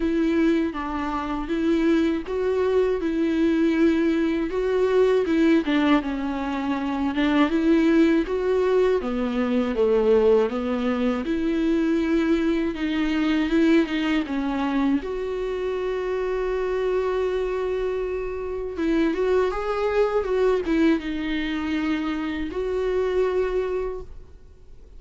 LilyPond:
\new Staff \with { instrumentName = "viola" } { \time 4/4 \tempo 4 = 80 e'4 d'4 e'4 fis'4 | e'2 fis'4 e'8 d'8 | cis'4. d'8 e'4 fis'4 | b4 a4 b4 e'4~ |
e'4 dis'4 e'8 dis'8 cis'4 | fis'1~ | fis'4 e'8 fis'8 gis'4 fis'8 e'8 | dis'2 fis'2 | }